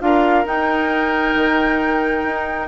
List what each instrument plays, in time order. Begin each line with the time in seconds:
0.00 bassoon D4, clarinet F4, oboe A#4, flute F5
0.45 bassoon D#4, clarinet D#4, flute G5
1.35 bassoon D#3
2.24 bassoon D#4